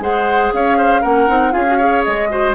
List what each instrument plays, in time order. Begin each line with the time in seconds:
0.00 bassoon G#3, clarinet G#4, oboe C5, flute F#5
0.52 bassoon C#4, oboe C#5, flute F5
0.77 oboe C5
1.01 bassoon A#3, clarinet C#4, oboe A#4, flute F#5
1.28 bassoon C4, clarinet D#4
1.52 bassoon C#4, clarinet F4, oboe G#4, flute F5
1.67 clarinet F#4
1.77 clarinet G#4, oboe C#5
2.03 bassoon G#3, flute D#5
2.30 clarinet F#4, oboe C5